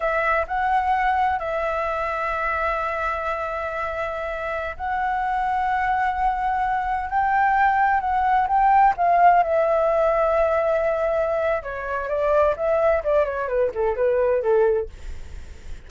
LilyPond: \new Staff \with { instrumentName = "flute" } { \time 4/4 \tempo 4 = 129 e''4 fis''2 e''4~ | e''1~ | e''2~ e''16 fis''4.~ fis''16~ | fis''2.~ fis''16 g''8.~ |
g''4~ g''16 fis''4 g''4 f''8.~ | f''16 e''2.~ e''8.~ | e''4 cis''4 d''4 e''4 | d''8 cis''8 b'8 a'8 b'4 a'4 | }